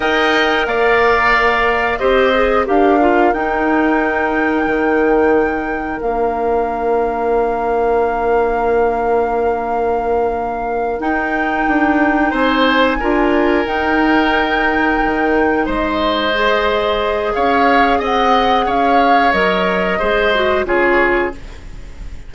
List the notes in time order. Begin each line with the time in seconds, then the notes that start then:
0.00 D#4 A#4 D#5 G5
0.66 A#3 D5 F5
1.98 C4 G4 C5 D#5
2.34 G#4
2.65 D4 G4 A#4 F5
3.00 F4
3.33 D#4 G5
4.66 D#3
6.01 A#3 D4 F5
10.99 D#4 G5
11.67 D4
12.30 C4 C5 G#5
12.99 D4 F4 A#4
13.64 D#4 G5
15.04 D#3
15.65 G#3 C5 D#5
16.33 G#4
17.33 C#4 C#5 F5
17.98 C4 D#5 F#5
18.66 C#4 C#5 F5
19.32 F#3 A#4 D#5
19.98 G#3 G#4 C5
20.34 F#4
20.65 C#3 F4 G#4 C#5